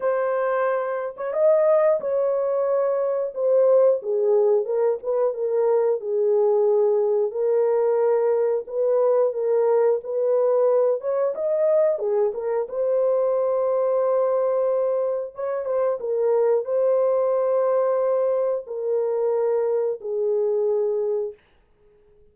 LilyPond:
\new Staff \with { instrumentName = "horn" } { \time 4/4 \tempo 4 = 90 c''4.~ c''16 cis''16 dis''4 cis''4~ | cis''4 c''4 gis'4 ais'8 b'8 | ais'4 gis'2 ais'4~ | ais'4 b'4 ais'4 b'4~ |
b'8 cis''8 dis''4 gis'8 ais'8 c''4~ | c''2. cis''8 c''8 | ais'4 c''2. | ais'2 gis'2 | }